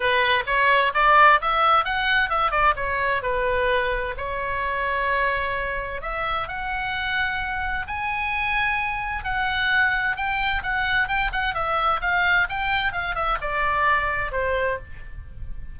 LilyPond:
\new Staff \with { instrumentName = "oboe" } { \time 4/4 \tempo 4 = 130 b'4 cis''4 d''4 e''4 | fis''4 e''8 d''8 cis''4 b'4~ | b'4 cis''2.~ | cis''4 e''4 fis''2~ |
fis''4 gis''2. | fis''2 g''4 fis''4 | g''8 fis''8 e''4 f''4 g''4 | f''8 e''8 d''2 c''4 | }